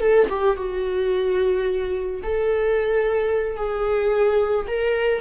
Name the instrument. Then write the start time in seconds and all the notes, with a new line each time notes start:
viola
0.00 A4
0.29 G4
0.57 F#4
2.23 A4
3.57 G#4
4.67 A#4